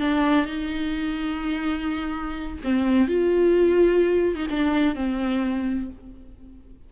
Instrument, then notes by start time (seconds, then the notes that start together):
viola
0.00 D4
0.46 D#4
2.64 C4
3.08 F4
4.36 D#4
4.51 D4
4.95 C4